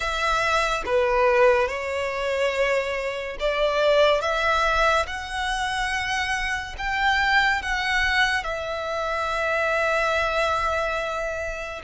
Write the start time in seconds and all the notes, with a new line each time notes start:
0.00 E5
0.85 B4
1.67 C#5
3.39 D5
4.21 E5
5.06 F#5
6.78 G5
7.62 F#5
8.43 E5